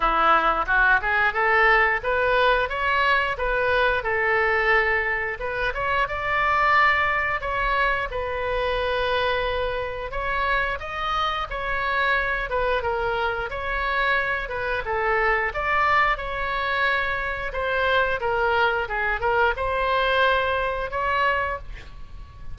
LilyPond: \new Staff \with { instrumentName = "oboe" } { \time 4/4 \tempo 4 = 89 e'4 fis'8 gis'8 a'4 b'4 | cis''4 b'4 a'2 | b'8 cis''8 d''2 cis''4 | b'2. cis''4 |
dis''4 cis''4. b'8 ais'4 | cis''4. b'8 a'4 d''4 | cis''2 c''4 ais'4 | gis'8 ais'8 c''2 cis''4 | }